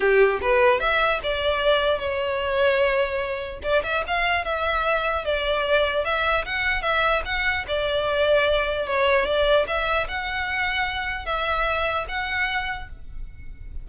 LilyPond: \new Staff \with { instrumentName = "violin" } { \time 4/4 \tempo 4 = 149 g'4 b'4 e''4 d''4~ | d''4 cis''2.~ | cis''4 d''8 e''8 f''4 e''4~ | e''4 d''2 e''4 |
fis''4 e''4 fis''4 d''4~ | d''2 cis''4 d''4 | e''4 fis''2. | e''2 fis''2 | }